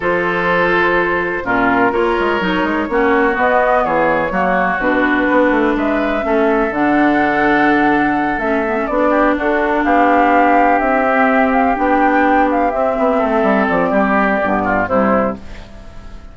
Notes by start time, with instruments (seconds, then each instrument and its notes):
0.00 bassoon F3, clarinet F4, oboe A4, flute C5
1.44 bassoon A#2, clarinet C#4, oboe F4, flute A#4
1.92 bassoon A#3, clarinet F4, oboe A#4, flute C#5
2.19 bassoon G#3
2.40 bassoon F#3, clarinet D#4
2.63 bassoon G#3
2.88 bassoon A#3, clarinet C#4, oboe F#4
3.32 clarinet B3, bassoon B3
3.39 flute D#5
3.84 bassoon E3, oboe G#4, flute C#5
4.30 bassoon F#3, clarinet A#3, oboe F#4
4.77 bassoon B2, clarinet D4, flute B4
5.30 bassoon B3
5.50 bassoon A3
5.75 bassoon G#3, oboe B4, flute E5
6.21 bassoon A3, clarinet C#4, oboe A4
6.70 bassoon D3, clarinet D4, flute F#5
8.37 bassoon A3, clarinet C#4, flute E5
8.66 clarinet B3
8.77 clarinet C#4
8.87 bassoon B3, clarinet D4, flute D5
9.09 oboe G4
9.36 bassoon D4, oboe F#4, flute A4
9.84 bassoon B3, oboe G4, flute F5
10.79 bassoon C4, flute E5
11.07 clarinet C4
11.52 flute F5
11.75 bassoon B3, clarinet D4, flute G5
12.51 flute F5
12.71 bassoon C4, clarinet C4, flute E5
12.98 bassoon B3
13.18 bassoon A3, oboe A4
13.42 bassoon G3
13.68 bassoon F3, flute D5
13.90 bassoon G3, oboe G4
14.42 bassoon G2, clarinet B3
14.64 oboe F4
14.87 bassoon C3, clarinet G3, oboe E4, flute C5